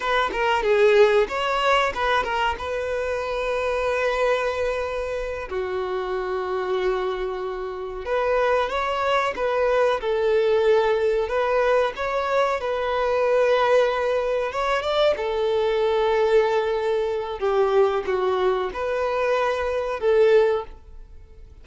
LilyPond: \new Staff \with { instrumentName = "violin" } { \time 4/4 \tempo 4 = 93 b'8 ais'8 gis'4 cis''4 b'8 ais'8 | b'1~ | b'8 fis'2.~ fis'8~ | fis'8 b'4 cis''4 b'4 a'8~ |
a'4. b'4 cis''4 b'8~ | b'2~ b'8 cis''8 d''8 a'8~ | a'2. g'4 | fis'4 b'2 a'4 | }